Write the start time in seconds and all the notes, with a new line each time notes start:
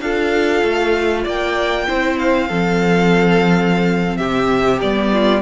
0.00 D4 F4 A4 F5
0.63 A3
1.22 A#3 D5 G5
1.87 C4 E4 C5
2.18 F5
2.47 F3 C4 A4
4.17 C3 G4 E5
4.80 G3 B3 D5
5.13 F4